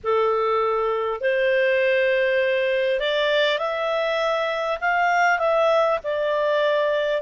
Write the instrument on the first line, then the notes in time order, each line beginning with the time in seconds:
clarinet
0.03 A4
1.20 C5
2.99 D5
3.58 E5
4.80 F5
5.38 E5
6.03 D5